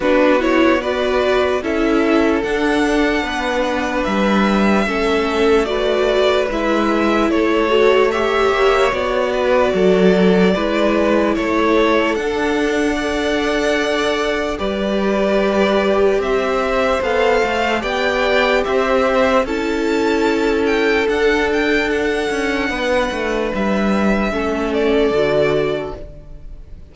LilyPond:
<<
  \new Staff \with { instrumentName = "violin" } { \time 4/4 \tempo 4 = 74 b'8 cis''8 d''4 e''4 fis''4~ | fis''4 e''2 d''4 | e''4 cis''4 e''4 d''4~ | d''2 cis''4 fis''4~ |
fis''2 d''2 | e''4 f''4 g''4 e''4 | a''4. g''8 fis''8 g''8 fis''4~ | fis''4 e''4. d''4. | }
  \new Staff \with { instrumentName = "violin" } { \time 4/4 fis'4 b'4 a'2 | b'2 a'4 b'4~ | b'4 a'4 cis''4. b'8 | a'4 b'4 a'2 |
d''2 b'2 | c''2 d''4 c''4 | a'1 | b'2 a'2 | }
  \new Staff \with { instrumentName = "viola" } { \time 4/4 d'8 e'8 fis'4 e'4 d'4~ | d'2 cis'4 fis'4 | e'4. fis'8 g'4 fis'4~ | fis'4 e'2 d'4 |
a'2 g'2~ | g'4 a'4 g'2 | e'2 d'2~ | d'2 cis'4 fis'4 | }
  \new Staff \with { instrumentName = "cello" } { \time 4/4 b2 cis'4 d'4 | b4 g4 a2 | gis4 a4. ais8 b4 | fis4 gis4 a4 d'4~ |
d'2 g2 | c'4 b8 a8 b4 c'4 | cis'2 d'4. cis'8 | b8 a8 g4 a4 d4 | }
>>